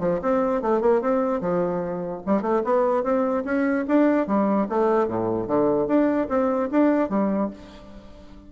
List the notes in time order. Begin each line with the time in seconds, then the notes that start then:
0.00 F3
0.22 C4
0.62 A3
0.81 A#3
1.01 C4
1.41 F3
2.26 G3
2.42 A3
2.65 B3
3.04 C4
3.45 C#4
3.88 D4
4.27 G3
4.69 A3
5.08 A2
5.47 D3
5.88 D4
6.29 C4
6.72 D4
7.10 G3